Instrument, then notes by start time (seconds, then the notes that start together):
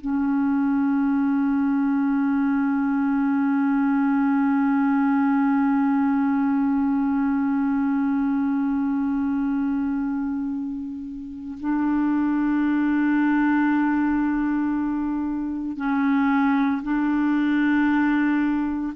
clarinet
0.00 C#4
11.59 D4
15.76 C#4
16.82 D4